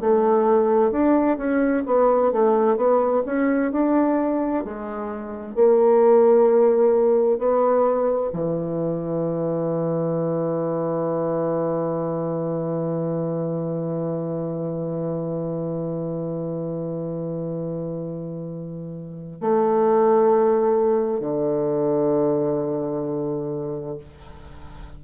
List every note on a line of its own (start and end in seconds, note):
0.00 0.91 A3
0.91 1.37 D4
1.37 1.83 C#4
1.86 2.32 B3
2.32 2.77 A3
2.77 3.23 B3
3.26 3.72 C#4
3.72 4.64 D4
4.64 5.55 G#3
5.55 7.38 A#3
7.38 8.30 B3
8.33 19.41 E3
19.41 21.20 A3
21.20 23.97 D3